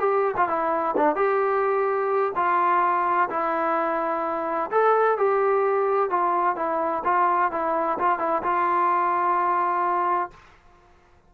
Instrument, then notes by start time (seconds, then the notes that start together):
trombone
0.00 G4
0.37 F4
0.49 E4
0.97 D4
1.16 G4
2.36 F4
3.30 E4
4.71 A4
5.18 G4
6.10 F4
6.56 E4
7.05 F4
7.52 E4
7.99 F4
8.19 E4
8.43 F4